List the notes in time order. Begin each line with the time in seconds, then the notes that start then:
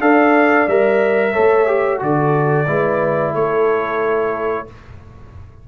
0.00 D4 A4 D5 F5
0.67 G3 A#4 E5
1.32 A3 A4 C#5
1.67 G4
1.99 D3 F#4 A4 D5
2.67 G#3 E4 B4
3.33 A3 A4 C#5